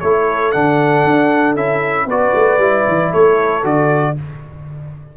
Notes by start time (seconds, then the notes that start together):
0.00 A3 E4 A4 C#5
0.52 D3 D4 F#5
1.04 D4
1.56 C#4 E4 E5
2.06 B3 F#4 B4 D5
2.34 A3
2.58 G3 E4
2.87 E3
3.11 A3 A4 C#5
3.63 D3 F#4 D5